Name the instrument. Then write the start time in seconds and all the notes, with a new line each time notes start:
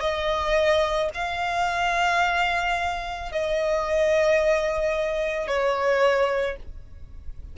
violin
0.00 D#5
1.14 F5
3.32 D#5
5.47 C#5